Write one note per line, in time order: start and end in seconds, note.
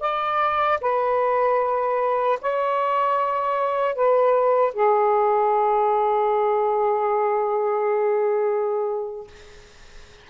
0.00 0.79 D5
0.81 2.39 B4
2.41 3.95 C#5
3.95 4.74 B4
4.74 9.28 G#4